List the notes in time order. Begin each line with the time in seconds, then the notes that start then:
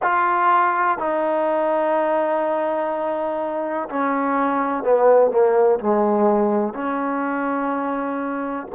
0.02 F4
0.98 D#4
3.89 C#4
4.83 B3
5.30 A#3
5.79 G#3
6.73 C#4